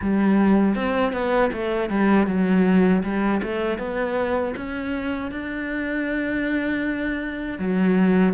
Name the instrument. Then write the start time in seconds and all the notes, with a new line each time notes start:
cello
0.01 G3
0.75 C4
1.13 B3
1.53 A3
1.89 G3
2.26 F#3
3.03 G3
3.42 A3
3.78 B3
4.56 C#4
5.31 D4
7.58 F#3